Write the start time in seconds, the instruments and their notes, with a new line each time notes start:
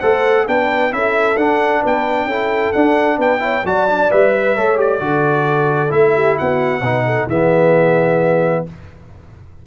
0.00 tuba A3, trombone A4, horn C5, trumpet F#5
0.47 tuba B3, trombone D4, horn B4, trumpet G5
0.91 tuba C#4, trombone E4, horn A4, trumpet E5
1.37 tuba D4, trombone D4, trumpet F#5
1.82 tuba B3, horn B4, trumpet G5
2.25 tuba C#4, trombone E4, horn A4
2.73 trombone D4, tuba D4, trumpet F#5
3.18 tuba B3, horn B4, trumpet G5
3.39 trombone E4, horn C#5
3.65 tuba F#3, trombone F#4, horn D5, trumpet A5
3.89 trombone D4
4.11 tuba G3, trombone B4, trumpet E5
4.33 horn B4
4.56 tuba A3, trombone A4, horn C#5
4.77 trombone G4, trumpet D5
5.00 tuba D3, trombone F#4, horn A4
5.89 tuba A3, trombone E4, trumpet E5
6.15 horn G4
6.38 tuba B3, horn F#4, trumpet F#5
6.81 tuba B2, trombone D#4, horn B4
7.06 horn A4
7.27 tuba E3, trombone B3, horn G#4, trumpet E5